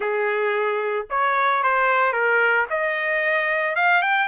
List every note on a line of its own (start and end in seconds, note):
0.00 1.06 G#4
1.10 1.63 C#5
1.63 2.12 C5
2.12 2.66 A#4
2.70 3.75 D#5
3.75 4.02 F5
4.02 4.28 G5